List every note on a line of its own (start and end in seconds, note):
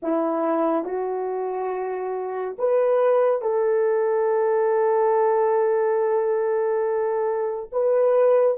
0.02 0.85 E4
0.85 2.56 F#4
2.58 3.41 B4
3.41 7.69 A4
7.71 8.57 B4